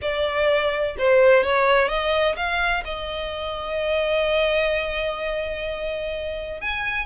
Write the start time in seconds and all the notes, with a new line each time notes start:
0.01 D5
0.98 C5
1.43 C#5
1.88 D#5
2.36 F5
2.84 D#5
6.61 G#5